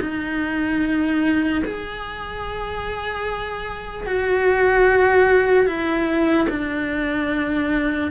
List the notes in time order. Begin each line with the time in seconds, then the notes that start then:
0.00 D#4
1.64 G#4
4.06 F#4
5.66 E4
6.49 D4